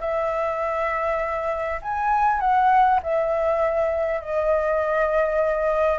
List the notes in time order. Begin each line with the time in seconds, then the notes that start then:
0.00 E5
1.82 G#5
2.40 F#5
3.02 E5
4.20 D#5